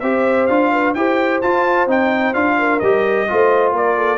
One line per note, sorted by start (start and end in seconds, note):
0.00 0.49 C4
0.00 0.49 G4
0.00 0.72 C5
0.00 0.47 E5
0.47 0.95 D4
0.47 0.95 F4
0.47 0.93 F5
0.72 0.95 B4
0.94 1.42 E4
0.94 1.43 G4
0.94 2.58 C5
0.94 1.41 G5
1.41 1.87 F4
1.41 1.88 F4
1.41 1.88 A5
1.87 2.33 C4
1.87 2.34 D#4
1.87 2.34 G5
2.34 2.81 D4
2.34 2.81 F4
2.34 2.80 F5
2.58 3.28 A#4
2.80 3.28 G3
2.80 3.28 G4
2.80 3.73 D#5
3.28 3.72 A3
3.28 4.18 F4
3.28 3.74 C5
3.72 4.18 A#3
3.72 3.96 A#4
3.72 4.18 D5
3.96 4.18 A4